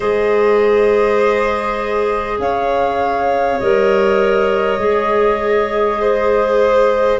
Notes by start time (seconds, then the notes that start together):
0.00 G#3 G#4 C5 D#5
2.38 C#4 C#5 F5
3.59 G3 A#4 D#5
4.78 G#3 G#4
6.00 C5